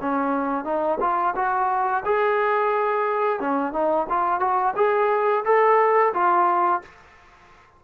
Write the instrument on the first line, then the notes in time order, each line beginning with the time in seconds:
trombone
0.00 C#4
0.64 D#4
1.00 F4
1.35 F#4
2.05 G#4
3.40 C#4
3.73 D#4
4.09 F4
4.40 F#4
4.76 G#4
5.45 A4
6.13 F4